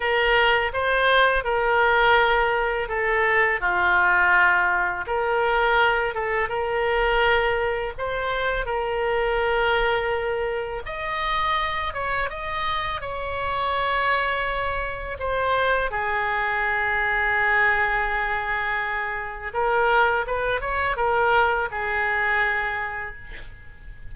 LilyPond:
\new Staff \with { instrumentName = "oboe" } { \time 4/4 \tempo 4 = 83 ais'4 c''4 ais'2 | a'4 f'2 ais'4~ | ais'8 a'8 ais'2 c''4 | ais'2. dis''4~ |
dis''8 cis''8 dis''4 cis''2~ | cis''4 c''4 gis'2~ | gis'2. ais'4 | b'8 cis''8 ais'4 gis'2 | }